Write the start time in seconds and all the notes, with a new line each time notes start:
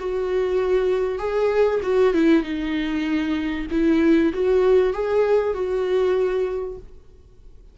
0.00 F#4
1.19 G#4
1.83 F#4
2.15 E4
2.43 D#4
3.71 E4
4.34 F#4
4.94 G#4
5.54 F#4